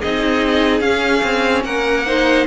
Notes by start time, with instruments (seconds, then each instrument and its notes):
0.00 cello C4, viola D#4, violin G#4 D#5
0.81 cello C#4, viola C#4, violin F5
1.24 cello C4
1.65 cello A#3, violin A#4 F#5
2.07 viola D#4, violin C5